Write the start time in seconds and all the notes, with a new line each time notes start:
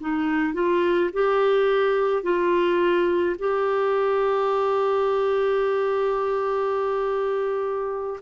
0.00 D#4
0.54 F4
1.13 G4
2.23 F4
3.39 G4